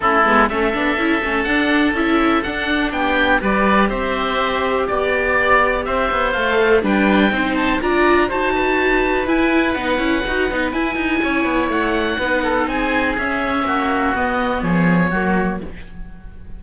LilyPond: <<
  \new Staff \with { instrumentName = "oboe" } { \time 4/4 \tempo 4 = 123 a'4 e''2 fis''4 | e''4 fis''4 g''4 d''4 | e''2 d''2 | e''4 f''4 g''4. a''8 |
ais''4 a''2 gis''4 | fis''2 gis''2 | fis''2 gis''4 e''4~ | e''4 dis''4 cis''2 | }
  \new Staff \with { instrumentName = "oboe" } { \time 4/4 e'4 a'2.~ | a'2 g'4 b'4 | c''2 d''2 | c''2 b'4 c''4 |
d''4 c''8 b'2~ b'8~ | b'2. cis''4~ | cis''4 b'8 a'8 gis'2 | fis'2 gis'4 fis'4 | }
  \new Staff \with { instrumentName = "viola" } { \time 4/4 cis'8 b8 cis'8 d'8 e'8 cis'8 d'4 | e'4 d'2 g'4~ | g'1~ | g'4 a'4 d'4 dis'4 |
f'4 fis'2 e'4 | dis'8 e'8 fis'8 dis'8 e'2~ | e'4 dis'2 cis'4~ | cis'4 b2 ais4 | }
  \new Staff \with { instrumentName = "cello" } { \time 4/4 a8 gis8 a8 b8 cis'8 a8 d'4 | cis'4 d'4 b4 g4 | c'2 b2 | c'8 b8 a4 g4 c'4 |
d'4 dis'2 e'4 | b8 cis'8 dis'8 b8 e'8 dis'8 cis'8 b8 | a4 b4 c'4 cis'4 | ais4 b4 f4 fis4 | }
>>